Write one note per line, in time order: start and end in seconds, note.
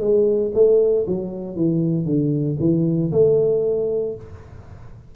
0.00 0.52 G#3
0.54 1.06 A3
1.07 1.56 F#3
1.56 2.05 E3
2.05 2.57 D3
2.59 3.11 E3
3.12 4.15 A3